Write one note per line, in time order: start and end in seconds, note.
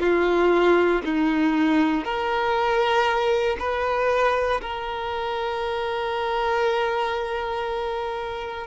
0.00 1.02 F4
1.04 2.04 D#4
2.04 3.57 A#4
3.59 4.61 B4
4.61 8.67 A#4